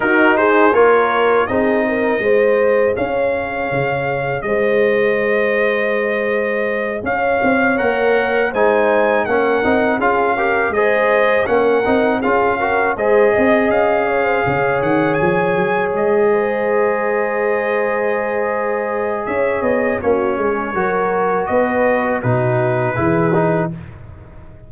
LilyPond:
<<
  \new Staff \with { instrumentName = "trumpet" } { \time 4/4 \tempo 4 = 81 ais'8 c''8 cis''4 dis''2 | f''2 dis''2~ | dis''4. f''4 fis''4 gis''8~ | gis''8 fis''4 f''4 dis''4 fis''8~ |
fis''8 f''4 dis''4 f''4. | fis''8 gis''4 dis''2~ dis''8~ | dis''2 e''8 dis''8 cis''4~ | cis''4 dis''4 b'2 | }
  \new Staff \with { instrumentName = "horn" } { \time 4/4 fis'8 gis'8 ais'4 gis'8 ais'8 c''4 | cis''2 c''2~ | c''4. cis''2 c''8~ | c''8 ais'4 gis'8 ais'8 c''4 ais'8~ |
ais'8 gis'8 ais'8 c''8 dis''4 cis''16 c''16 cis''8~ | cis''2 c''2~ | c''2 cis''4 fis'8 gis'8 | ais'4 b'4 fis'4 gis'4 | }
  \new Staff \with { instrumentName = "trombone" } { \time 4/4 dis'4 f'4 dis'4 gis'4~ | gis'1~ | gis'2~ gis'8 ais'4 dis'8~ | dis'8 cis'8 dis'8 f'8 g'8 gis'4 cis'8 |
dis'8 f'8 fis'8 gis'2~ gis'8~ | gis'1~ | gis'2. cis'4 | fis'2 dis'4 e'8 dis'8 | }
  \new Staff \with { instrumentName = "tuba" } { \time 4/4 dis'4 ais4 c'4 gis4 | cis'4 cis4 gis2~ | gis4. cis'8 c'8 ais4 gis8~ | gis8 ais8 c'8 cis'4 gis4 ais8 |
c'8 cis'4 gis8 c'8 cis'4 cis8 | dis8 f8 fis8 gis2~ gis8~ | gis2 cis'8 b8 ais8 gis8 | fis4 b4 b,4 e4 | }
>>